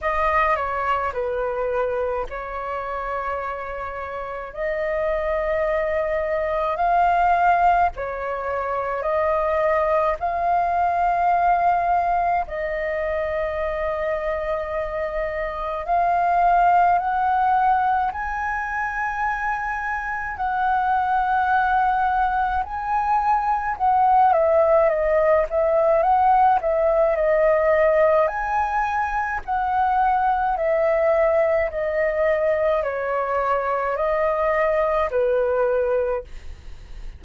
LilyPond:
\new Staff \with { instrumentName = "flute" } { \time 4/4 \tempo 4 = 53 dis''8 cis''8 b'4 cis''2 | dis''2 f''4 cis''4 | dis''4 f''2 dis''4~ | dis''2 f''4 fis''4 |
gis''2 fis''2 | gis''4 fis''8 e''8 dis''8 e''8 fis''8 e''8 | dis''4 gis''4 fis''4 e''4 | dis''4 cis''4 dis''4 b'4 | }